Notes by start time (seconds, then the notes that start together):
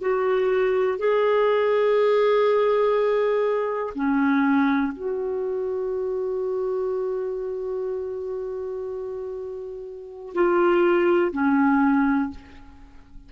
0.00 F#4
0.98 G#4
3.94 C#4
4.92 F#4
10.34 F4
11.32 C#4